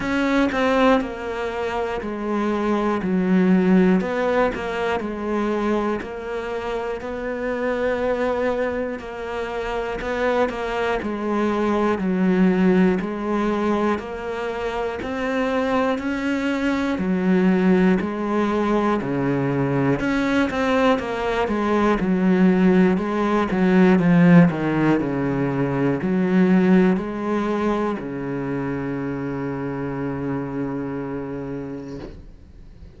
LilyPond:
\new Staff \with { instrumentName = "cello" } { \time 4/4 \tempo 4 = 60 cis'8 c'8 ais4 gis4 fis4 | b8 ais8 gis4 ais4 b4~ | b4 ais4 b8 ais8 gis4 | fis4 gis4 ais4 c'4 |
cis'4 fis4 gis4 cis4 | cis'8 c'8 ais8 gis8 fis4 gis8 fis8 | f8 dis8 cis4 fis4 gis4 | cis1 | }